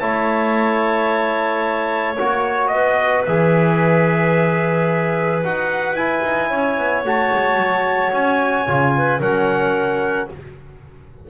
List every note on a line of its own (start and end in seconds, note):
0.00 2.18 A3
0.00 2.17 E4
0.00 2.72 C#5
0.00 2.16 A5
2.18 2.73 A#3
2.18 3.27 F#4
2.18 2.68 C#5
2.68 3.27 B3
2.68 3.22 D#5
2.75 6.50 B4
3.26 5.44 E3
3.26 5.44 G#4
3.26 5.42 E5
5.44 5.93 D#4
5.44 5.98 F#4
5.44 5.96 F#5
5.93 6.20 E4
5.93 7.06 E4
5.93 7.04 G#5
6.25 6.51 D#4
6.50 6.78 C#4
6.50 8.93 C#5
6.78 7.04 B3
7.04 7.31 A3
7.04 8.68 F#4
7.04 8.14 A5
7.33 7.57 G#3
7.57 8.11 F#3
8.13 8.67 C#4
8.13 9.22 G#5
8.68 9.20 C#3
8.68 9.21 F4
8.97 9.20 B4
9.20 10.28 F#3
9.20 10.29 C#4
9.20 10.29 A#4
9.20 10.30 F#5